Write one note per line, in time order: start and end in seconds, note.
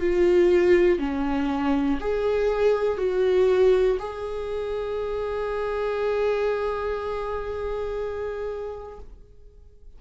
0.00 0.98 F4
0.98 1.98 C#4
2.00 2.97 G#4
2.97 3.97 F#4
3.99 8.99 G#4